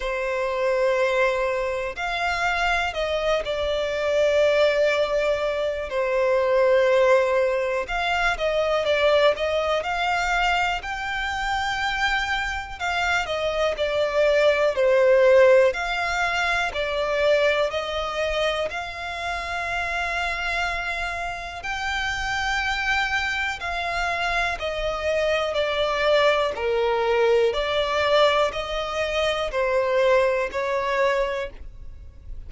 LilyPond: \new Staff \with { instrumentName = "violin" } { \time 4/4 \tempo 4 = 61 c''2 f''4 dis''8 d''8~ | d''2 c''2 | f''8 dis''8 d''8 dis''8 f''4 g''4~ | g''4 f''8 dis''8 d''4 c''4 |
f''4 d''4 dis''4 f''4~ | f''2 g''2 | f''4 dis''4 d''4 ais'4 | d''4 dis''4 c''4 cis''4 | }